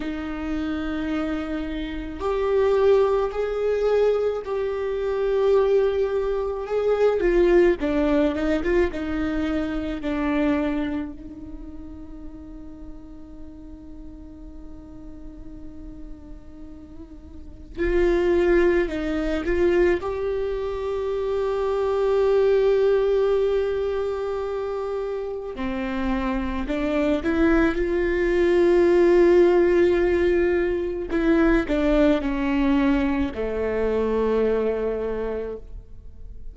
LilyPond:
\new Staff \with { instrumentName = "viola" } { \time 4/4 \tempo 4 = 54 dis'2 g'4 gis'4 | g'2 gis'8 f'8 d'8 dis'16 f'16 | dis'4 d'4 dis'2~ | dis'1 |
f'4 dis'8 f'8 g'2~ | g'2. c'4 | d'8 e'8 f'2. | e'8 d'8 cis'4 a2 | }